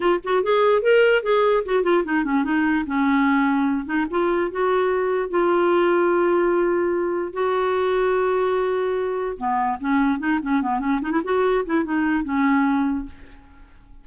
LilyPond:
\new Staff \with { instrumentName = "clarinet" } { \time 4/4 \tempo 4 = 147 f'8 fis'8 gis'4 ais'4 gis'4 | fis'8 f'8 dis'8 cis'8 dis'4 cis'4~ | cis'4. dis'8 f'4 fis'4~ | fis'4 f'2.~ |
f'2 fis'2~ | fis'2. b4 | cis'4 dis'8 cis'8 b8 cis'8 dis'16 e'16 fis'8~ | fis'8 e'8 dis'4 cis'2 | }